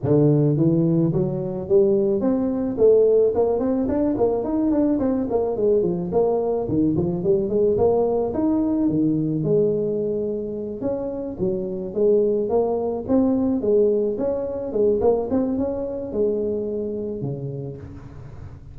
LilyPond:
\new Staff \with { instrumentName = "tuba" } { \time 4/4 \tempo 4 = 108 d4 e4 fis4 g4 | c'4 a4 ais8 c'8 d'8 ais8 | dis'8 d'8 c'8 ais8 gis8 f8 ais4 | dis8 f8 g8 gis8 ais4 dis'4 |
dis4 gis2~ gis8 cis'8~ | cis'8 fis4 gis4 ais4 c'8~ | c'8 gis4 cis'4 gis8 ais8 c'8 | cis'4 gis2 cis4 | }